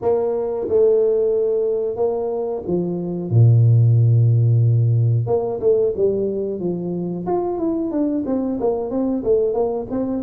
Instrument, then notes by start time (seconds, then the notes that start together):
tuba
0.01 A#3
0.68 A3
1.96 A#3
2.66 F3
3.30 A#2
5.26 A#3
5.60 A3
5.96 G3
6.59 F3
7.26 F4
7.58 E4
7.91 D4
8.26 C4
8.60 A#3
8.90 C4
9.23 A3
9.53 A#3
9.90 C4